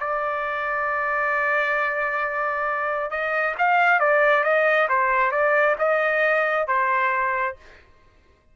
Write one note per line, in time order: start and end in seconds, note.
0.00 3.10 D5
3.10 3.55 D#5
3.58 4.00 F5
4.00 4.44 D5
4.44 4.88 D#5
4.89 5.31 C5
5.31 5.76 D5
5.79 6.67 D#5
6.67 7.56 C5